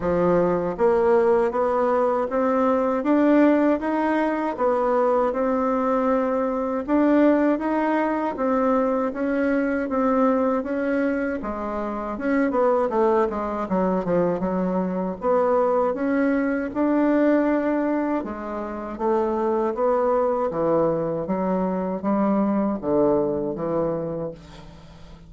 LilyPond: \new Staff \with { instrumentName = "bassoon" } { \time 4/4 \tempo 4 = 79 f4 ais4 b4 c'4 | d'4 dis'4 b4 c'4~ | c'4 d'4 dis'4 c'4 | cis'4 c'4 cis'4 gis4 |
cis'8 b8 a8 gis8 fis8 f8 fis4 | b4 cis'4 d'2 | gis4 a4 b4 e4 | fis4 g4 d4 e4 | }